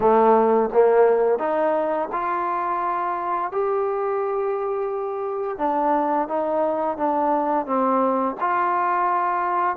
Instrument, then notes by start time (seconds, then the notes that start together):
trombone
0.00 A3
0.73 A#3
1.39 D#4
2.12 F4
3.51 G4
5.58 D4
6.28 D#4
6.97 D4
7.66 C4
8.40 F4